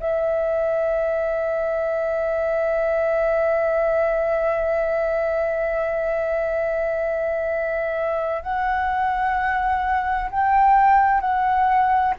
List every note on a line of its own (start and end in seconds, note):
0.00 8.43 E5
8.43 10.30 F#5
10.31 11.21 G5
11.21 12.14 F#5